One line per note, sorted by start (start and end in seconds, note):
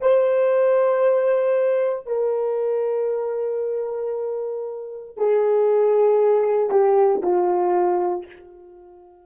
0.00 2.06 C5
2.06 5.16 A#4
5.16 6.70 G#4
6.70 7.22 G4
7.22 8.26 F4